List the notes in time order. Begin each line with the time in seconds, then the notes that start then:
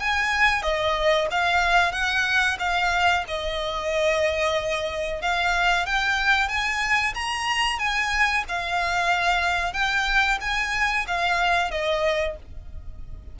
0.00 G#5
0.63 D#5
1.31 F5
1.92 F#5
2.59 F5
3.28 D#5
5.22 F5
5.86 G5
6.49 G#5
7.15 A#5
7.79 G#5
8.49 F5
9.74 G5
10.41 G#5
11.08 F5
11.71 D#5